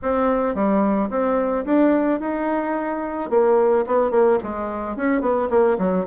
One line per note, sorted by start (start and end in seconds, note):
0.02 0.54 C4
0.54 1.09 G3
1.09 1.64 C4
1.65 2.19 D4
2.19 3.30 D#4
3.30 3.85 A#3
3.86 4.10 B3
4.10 4.38 A#3
4.43 4.96 G#3
4.96 5.21 C#4
5.21 5.48 B3
5.49 5.77 A#3
5.78 6.06 F#3